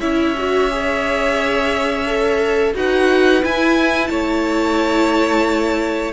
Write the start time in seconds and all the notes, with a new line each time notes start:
0.00 C#4 E4 C#5 E5
0.37 F#4
0.69 G#4
2.06 A4
2.74 D#4 F#4 B4 F#5
3.41 E4 G#5
4.07 A3 C#5 A5